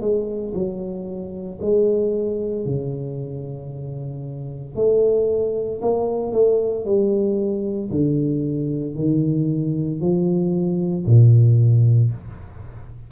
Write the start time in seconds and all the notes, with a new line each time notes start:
0.00 G#3
0.54 F#3
1.61 G#3
2.65 C#3
4.75 A3
5.81 A#3
6.32 A3
6.85 G3
7.90 D3
8.95 D#3
10.00 F3
11.06 A#2